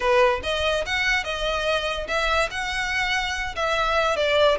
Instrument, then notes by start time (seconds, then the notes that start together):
violin
0.00 B4
0.43 D#5
0.86 F#5
1.24 D#5
2.07 E5
2.51 F#5
3.55 E5
4.16 D5